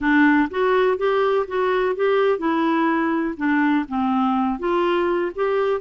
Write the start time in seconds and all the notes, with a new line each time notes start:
0.00 D4
0.50 F#4
0.97 G4
1.47 F#4
1.95 G4
2.38 E4
3.37 D4
3.88 C4
4.59 F4
5.35 G4